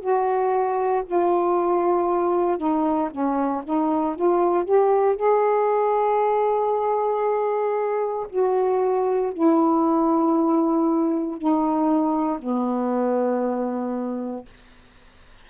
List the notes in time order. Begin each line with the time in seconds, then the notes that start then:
0.00 F#4
1.05 F4
2.58 D#4
3.11 C#4
3.64 D#4
4.16 F4
4.64 G4
5.16 G#4
8.29 F#4
9.33 E4
11.37 D#4
12.39 B3